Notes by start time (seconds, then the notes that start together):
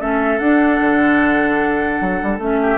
0.00 A3 C#4 A4 E5
0.39 D4 F#5
0.81 D3
2.01 F#3
2.23 G3
2.39 A3 C#4 E5
2.62 G4